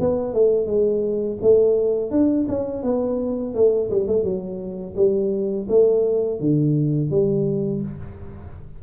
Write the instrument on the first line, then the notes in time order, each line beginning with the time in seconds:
tuba
0.00 B3
0.34 A3
0.67 G#3
1.42 A3
2.11 D4
2.48 C#4
2.83 B3
3.55 A3
3.91 G3
4.07 A3
4.23 F#3
4.96 G3
5.69 A3
6.40 D3
7.10 G3